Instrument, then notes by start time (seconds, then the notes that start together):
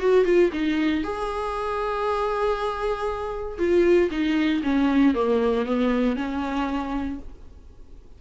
viola
0.00 F#4
0.25 F4
0.52 D#4
1.04 G#4
3.58 F4
4.11 D#4
4.63 C#4
5.14 A#3
5.65 B3
6.16 C#4